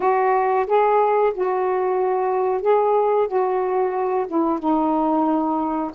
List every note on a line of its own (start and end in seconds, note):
0.00 0.66 F#4
0.66 1.32 G#4
1.34 2.61 F#4
2.61 3.27 G#4
3.27 4.26 F#4
4.27 4.59 E4
4.59 5.91 D#4